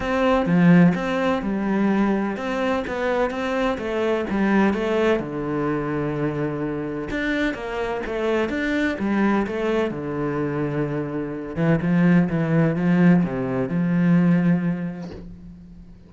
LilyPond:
\new Staff \with { instrumentName = "cello" } { \time 4/4 \tempo 4 = 127 c'4 f4 c'4 g4~ | g4 c'4 b4 c'4 | a4 g4 a4 d4~ | d2. d'4 |
ais4 a4 d'4 g4 | a4 d2.~ | d8 e8 f4 e4 f4 | c4 f2. | }